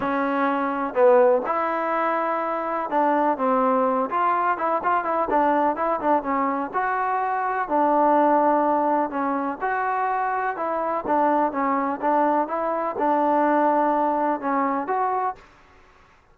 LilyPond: \new Staff \with { instrumentName = "trombone" } { \time 4/4 \tempo 4 = 125 cis'2 b4 e'4~ | e'2 d'4 c'4~ | c'8 f'4 e'8 f'8 e'8 d'4 | e'8 d'8 cis'4 fis'2 |
d'2. cis'4 | fis'2 e'4 d'4 | cis'4 d'4 e'4 d'4~ | d'2 cis'4 fis'4 | }